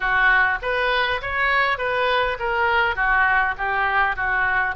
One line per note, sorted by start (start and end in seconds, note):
0.00 0.58 F#4
0.62 1.21 B4
1.21 1.78 C#5
1.78 2.37 B4
2.39 2.95 A#4
2.95 3.55 F#4
3.57 4.16 G4
4.16 4.75 F#4